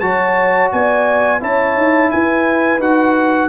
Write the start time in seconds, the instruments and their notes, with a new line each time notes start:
0.00 tuba F#3, trombone F#4, horn C#5, trumpet A5
0.72 tuba B3, horn D5, trumpet G#5
1.40 tuba C#4, trombone E4, horn C#5, trumpet A5
1.77 tuba D#4
2.11 tuba E4, horn B4, trumpet G#5
2.79 tuba D#4, trombone F#4, trumpet F#5